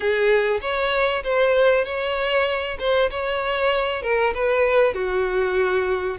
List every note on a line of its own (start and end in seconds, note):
0.00 0.60 G#4
0.61 1.23 C#5
1.23 1.84 C5
1.84 2.77 C#5
2.79 3.10 C5
3.10 4.02 C#5
4.02 4.33 A#4
4.34 4.94 B4
4.94 6.17 F#4